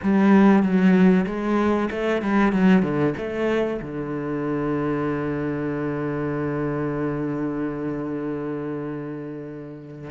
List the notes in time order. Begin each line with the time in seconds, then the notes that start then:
0.02 G3
0.62 F#3
1.26 G#3
1.90 A3
2.22 G3
2.52 F#3
2.82 D3
3.17 A3
3.81 D3